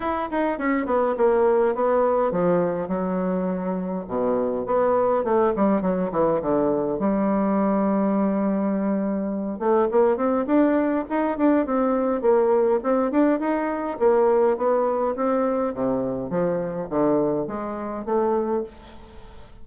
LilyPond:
\new Staff \with { instrumentName = "bassoon" } { \time 4/4 \tempo 4 = 103 e'8 dis'8 cis'8 b8 ais4 b4 | f4 fis2 b,4 | b4 a8 g8 fis8 e8 d4 | g1~ |
g8 a8 ais8 c'8 d'4 dis'8 d'8 | c'4 ais4 c'8 d'8 dis'4 | ais4 b4 c'4 c4 | f4 d4 gis4 a4 | }